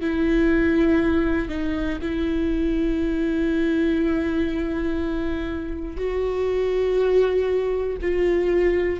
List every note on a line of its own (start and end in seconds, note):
0.00 1.49 E4
1.49 1.99 D#4
2.01 5.96 E4
5.96 7.97 F#4
8.01 9.00 F4